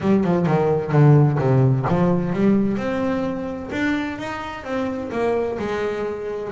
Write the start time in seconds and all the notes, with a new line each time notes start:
0.00 G3
0.23 F3
0.46 D#3
0.92 D3
1.38 C3
1.88 F3
2.32 G3
2.77 C4
3.71 D4
4.18 D#4
4.63 C4
5.11 A#3
5.58 G#3